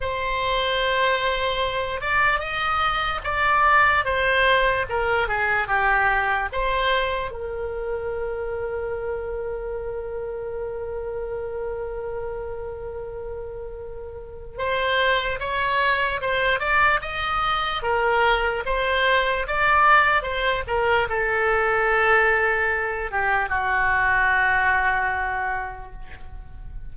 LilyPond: \new Staff \with { instrumentName = "oboe" } { \time 4/4 \tempo 4 = 74 c''2~ c''8 d''8 dis''4 | d''4 c''4 ais'8 gis'8 g'4 | c''4 ais'2.~ | ais'1~ |
ais'2 c''4 cis''4 | c''8 d''8 dis''4 ais'4 c''4 | d''4 c''8 ais'8 a'2~ | a'8 g'8 fis'2. | }